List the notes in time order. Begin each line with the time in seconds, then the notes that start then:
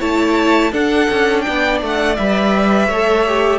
0.00 A3 E4 C#5 A5
0.72 D4 A4 F#5
1.10 C#4
1.42 D5 G5
1.48 B3
1.82 A3 F#5
2.16 G3 B4 E5
2.87 A3 C#5
2.93 A4
3.27 G4